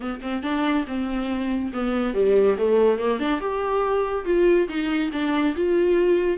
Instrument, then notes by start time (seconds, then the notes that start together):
viola
0.00 B3
0.21 C4
0.42 D4
0.87 C4
1.73 B3
2.14 G3
2.57 A3
2.98 A#3
3.19 D4
3.40 G4
4.25 F4
4.68 D#4
5.12 D4
5.56 F4